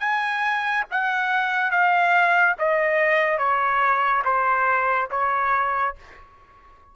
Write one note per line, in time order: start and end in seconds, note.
0.00 0.85 G#5
0.91 1.71 F#5
1.71 2.56 F5
2.59 3.38 D#5
3.38 4.23 C#5
4.25 5.09 C5
5.11 5.95 C#5